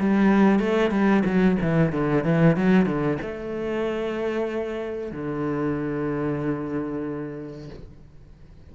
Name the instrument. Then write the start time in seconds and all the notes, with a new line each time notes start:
cello
0.00 G3
0.60 A3
0.91 G3
1.26 F#3
1.62 E3
1.93 D3
2.24 E3
2.57 F#3
2.86 D3
3.22 A3
5.12 D3